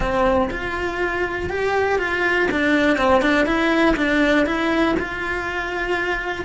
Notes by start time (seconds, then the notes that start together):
0.00 C4
0.50 F4
1.49 G4
1.98 F4
2.51 D4
2.97 C4
3.21 D4
3.46 E4
3.96 D4
4.45 E4
4.99 F4